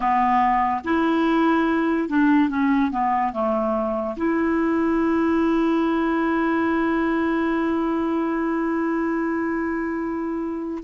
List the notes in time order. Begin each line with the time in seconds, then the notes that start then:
0.00 B3
0.84 E4
2.08 D4
2.49 C#4
2.91 B3
3.33 A3
4.17 E4